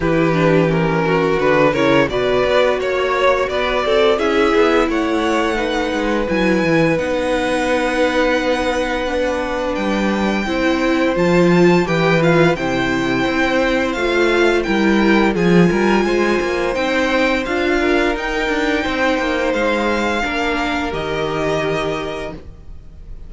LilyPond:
<<
  \new Staff \with { instrumentName = "violin" } { \time 4/4 \tempo 4 = 86 b'4 ais'4 b'8 cis''8 d''4 | cis''4 d''4 e''4 fis''4~ | fis''4 gis''4 fis''2~ | fis''2 g''2 |
a''4 g''8 f''8 g''2 | f''4 g''4 gis''2 | g''4 f''4 g''2 | f''2 dis''2 | }
  \new Staff \with { instrumentName = "violin" } { \time 4/4 g'4. fis'4 ais'8 b'4 | cis''4 b'8 a'8 gis'4 cis''4 | b'1~ | b'2. c''4~ |
c''4 b'4 c''2~ | c''4 ais'4 gis'8 ais'8 c''4~ | c''4. ais'4. c''4~ | c''4 ais'2. | }
  \new Staff \with { instrumentName = "viola" } { \time 4/4 e'8 d'8 cis'4 d'8 e'8 fis'4~ | fis'2 e'2 | dis'4 e'4 dis'2~ | dis'4 d'2 e'4 |
f'4 g'8 f'8 e'2 | f'4 e'4 f'2 | dis'4 f'4 dis'2~ | dis'4 d'4 g'2 | }
  \new Staff \with { instrumentName = "cello" } { \time 4/4 e2 d8 cis8 b,8 b8 | ais4 b8 c'8 cis'8 b8 a4~ | a8 gis8 fis8 e8 b2~ | b2 g4 c'4 |
f4 e4 c4 c'4 | a4 g4 f8 g8 gis8 ais8 | c'4 d'4 dis'8 d'8 c'8 ais8 | gis4 ais4 dis2 | }
>>